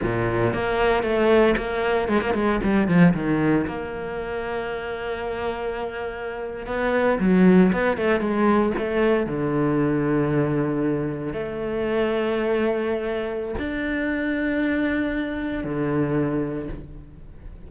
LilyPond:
\new Staff \with { instrumentName = "cello" } { \time 4/4 \tempo 4 = 115 ais,4 ais4 a4 ais4 | gis16 ais16 gis8 g8 f8 dis4 ais4~ | ais1~ | ais8. b4 fis4 b8 a8 gis16~ |
gis8. a4 d2~ d16~ | d4.~ d16 a2~ a16~ | a2 d'2~ | d'2 d2 | }